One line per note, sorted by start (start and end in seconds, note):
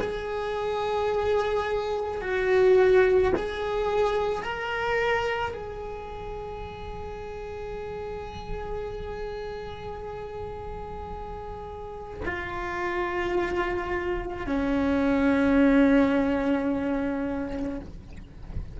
0.00 2.21 G#4
2.21 3.32 F#4
3.35 4.42 G#4
4.42 5.54 A#4
5.54 12.20 G#4
12.25 14.46 F4
14.46 17.80 C#4